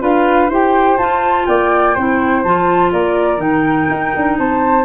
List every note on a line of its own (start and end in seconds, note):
0.00 0.49 D4
0.00 0.48 F4
0.00 0.49 B4
0.00 0.50 F5
0.49 0.97 E4
0.49 0.99 G4
0.49 1.46 C5
0.49 0.97 G5
0.97 1.46 F4
0.97 1.96 F4
0.97 1.45 A5
1.45 1.96 A#3
1.45 1.94 D5
1.45 2.42 G5
1.94 2.44 C4
1.94 2.45 E4
1.94 2.91 C5
2.43 2.92 F3
2.43 3.38 F4
2.43 2.91 A5
2.92 3.37 A#3
2.92 4.37 A#4
2.92 3.40 D5
3.37 3.86 D#3
3.37 4.83 D#4
3.37 4.37 G5
3.90 4.14 D#4
4.16 4.38 D4
4.38 4.85 C4
4.38 4.85 C5
4.38 4.85 A5